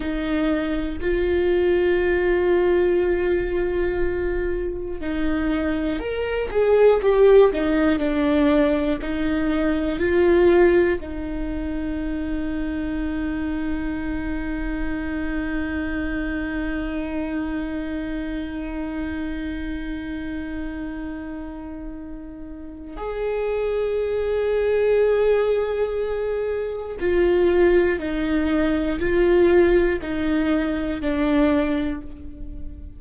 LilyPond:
\new Staff \with { instrumentName = "viola" } { \time 4/4 \tempo 4 = 60 dis'4 f'2.~ | f'4 dis'4 ais'8 gis'8 g'8 dis'8 | d'4 dis'4 f'4 dis'4~ | dis'1~ |
dis'1~ | dis'2. gis'4~ | gis'2. f'4 | dis'4 f'4 dis'4 d'4 | }